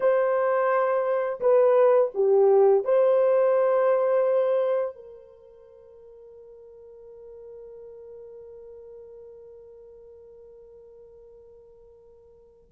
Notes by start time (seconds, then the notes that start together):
0.00 C5
1.40 B4
2.14 G4
2.84 C5
4.95 A#4